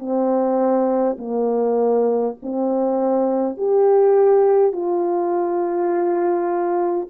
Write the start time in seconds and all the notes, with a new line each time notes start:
0.00 C4
1.19 A#3
2.43 C4
3.58 G4
4.73 F4